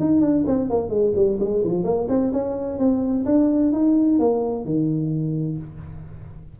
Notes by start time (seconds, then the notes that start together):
0.00 D#4
0.21 D4
0.47 C4
0.70 A#3
0.89 G#3
1.15 G3
1.40 G#3
1.64 F3
1.84 A#3
2.09 C4
2.33 C#4
2.79 C4
3.26 D4
3.73 D#4
4.19 A#3
4.65 D#3